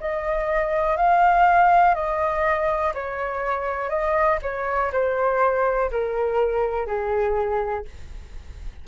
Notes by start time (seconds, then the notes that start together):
0.00 D#5
0.96 F5
1.94 D#5
2.94 C#5
3.89 D#5
4.42 C#5
4.92 C5
5.91 A#4
6.86 G#4